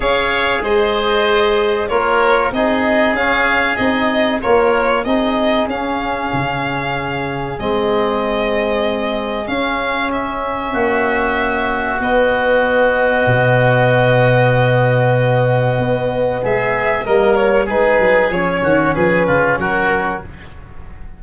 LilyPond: <<
  \new Staff \with { instrumentName = "violin" } { \time 4/4 \tempo 4 = 95 f''4 dis''2 cis''4 | dis''4 f''4 dis''4 cis''4 | dis''4 f''2. | dis''2. f''4 |
e''2. dis''4~ | dis''1~ | dis''2 e''4 dis''8 cis''8 | b'4 cis''4 b'4 ais'4 | }
  \new Staff \with { instrumentName = "oboe" } { \time 4/4 cis''4 c''2 ais'4 | gis'2. ais'4 | gis'1~ | gis'1~ |
gis'4 fis'2.~ | fis'1~ | fis'2 gis'4 ais'4 | gis'4. fis'8 gis'8 f'8 fis'4 | }
  \new Staff \with { instrumentName = "trombone" } { \time 4/4 gis'2. f'4 | dis'4 cis'4 dis'4 f'4 | dis'4 cis'2. | c'2. cis'4~ |
cis'2. b4~ | b1~ | b2. ais4 | dis'4 cis'2. | }
  \new Staff \with { instrumentName = "tuba" } { \time 4/4 cis'4 gis2 ais4 | c'4 cis'4 c'4 ais4 | c'4 cis'4 cis2 | gis2. cis'4~ |
cis'4 ais2 b4~ | b4 b,2.~ | b,4 b4 gis4 g4 | gis8 fis8 f8 dis8 f8 cis8 fis4 | }
>>